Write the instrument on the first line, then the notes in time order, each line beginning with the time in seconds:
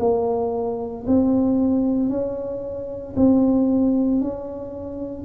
tuba
0.00 A#3
1.07 C4
2.10 C#4
3.16 C4
4.21 C#4